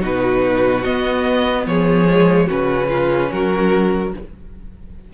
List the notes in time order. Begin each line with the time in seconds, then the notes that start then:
0.00 B2 D#4 F#4 B4
0.84 B3 D#5
1.66 F3 G#4 C#5
2.08 G#3
2.46 C#3 C#4 F#4 B4
2.89 F4
3.31 F#3 F#4 A#4